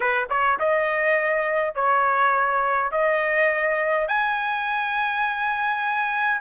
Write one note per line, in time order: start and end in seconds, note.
0.00 0.28 B4
0.29 0.59 C#5
0.59 1.74 D#5
1.74 2.91 C#5
2.91 4.08 D#5
4.08 6.40 G#5